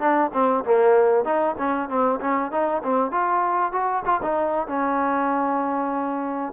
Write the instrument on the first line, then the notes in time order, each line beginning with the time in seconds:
trombone
0.00 D4
0.33 C4
0.65 A#3
1.25 D#4
1.58 C#4
1.89 C4
2.21 C#4
2.51 D#4
2.83 C4
3.11 F4
3.72 F#4
4.05 F4
4.23 D#4
4.67 C#4